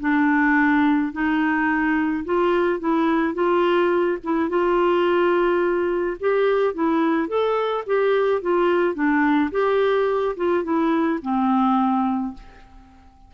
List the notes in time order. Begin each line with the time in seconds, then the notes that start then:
0.00 D4
1.12 D#4
2.25 F4
2.80 E4
3.34 F4
4.23 E4
4.49 F4
6.20 G4
6.74 E4
7.28 A4
7.86 G4
8.42 F4
8.94 D4
9.51 G4
10.36 F4
10.63 E4
11.22 C4